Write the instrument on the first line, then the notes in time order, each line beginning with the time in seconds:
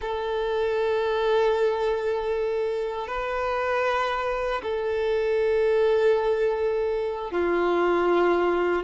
violin
0.01 A4
3.07 B4
4.62 A4
7.31 F4